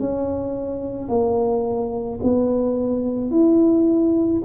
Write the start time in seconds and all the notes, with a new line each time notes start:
0.00 C#4
1.09 A#3
2.23 B3
3.31 E4